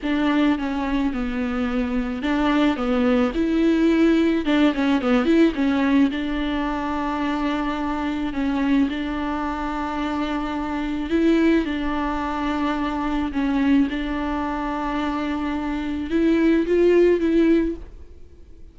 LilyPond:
\new Staff \with { instrumentName = "viola" } { \time 4/4 \tempo 4 = 108 d'4 cis'4 b2 | d'4 b4 e'2 | d'8 cis'8 b8 e'8 cis'4 d'4~ | d'2. cis'4 |
d'1 | e'4 d'2. | cis'4 d'2.~ | d'4 e'4 f'4 e'4 | }